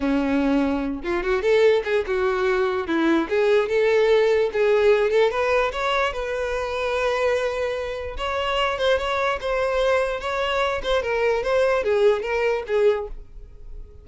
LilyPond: \new Staff \with { instrumentName = "violin" } { \time 4/4 \tempo 4 = 147 cis'2~ cis'8 f'8 fis'8 a'8~ | a'8 gis'8 fis'2 e'4 | gis'4 a'2 gis'4~ | gis'8 a'8 b'4 cis''4 b'4~ |
b'1 | cis''4. c''8 cis''4 c''4~ | c''4 cis''4. c''8 ais'4 | c''4 gis'4 ais'4 gis'4 | }